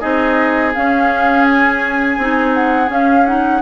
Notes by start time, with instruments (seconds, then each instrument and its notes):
0.00 bassoon C4, clarinet D#4, oboe G#4, flute D#5
0.74 clarinet C#4, bassoon C#4, flute F5
1.45 flute G#5
2.18 bassoon C4, clarinet D#4
2.54 flute F#5
2.87 clarinet C#4, bassoon C#4, flute F5
3.26 clarinet D#4, flute F#5